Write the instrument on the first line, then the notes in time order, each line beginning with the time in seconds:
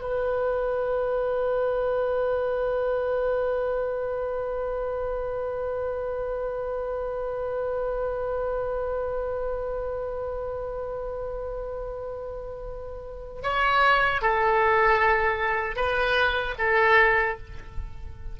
oboe
0.00 B4
13.42 C#5
14.21 A4
15.76 B4
16.58 A4